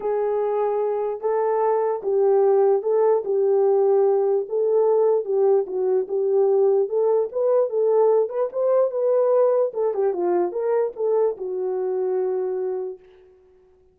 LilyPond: \new Staff \with { instrumentName = "horn" } { \time 4/4 \tempo 4 = 148 gis'2. a'4~ | a'4 g'2 a'4 | g'2. a'4~ | a'4 g'4 fis'4 g'4~ |
g'4 a'4 b'4 a'4~ | a'8 b'8 c''4 b'2 | a'8 g'8 f'4 ais'4 a'4 | fis'1 | }